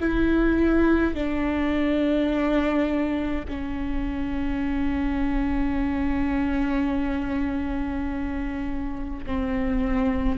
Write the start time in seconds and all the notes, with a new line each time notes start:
0.00 E4
1.14 D4
3.48 C#4
9.26 C4